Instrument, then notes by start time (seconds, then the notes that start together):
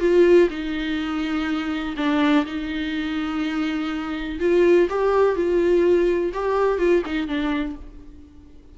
viola
0.00 F4
0.50 D#4
1.97 D4
2.45 D#4
4.39 F4
4.90 G4
5.35 F4
6.33 G4
6.78 F4
7.05 D#4
7.28 D4